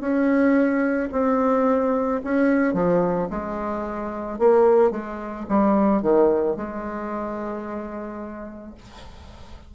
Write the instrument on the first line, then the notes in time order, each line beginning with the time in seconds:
bassoon
0.00 C#4
1.12 C4
2.24 C#4
2.74 F3
3.30 G#3
4.39 A#3
4.91 G#3
5.49 G3
6.02 D#3
6.56 G#3